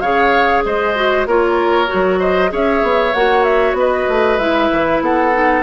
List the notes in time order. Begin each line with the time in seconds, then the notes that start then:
0.00 C#3 G#4 C#5 F5
0.64 G#3 C5 D#5
0.95 F#4
1.25 A#3 F4 A#4 C#5
1.87 F#4
1.93 F#3
2.19 C5 D#5
2.48 C#4 G#4 C#5 E5
2.82 B3
3.13 A#3 F#4 F#5
3.43 E5
3.73 B3 B4 D#5
4.08 A3
4.38 G#3 E4 E5
4.71 E3
5.00 B3 A4 F#5
5.32 D#4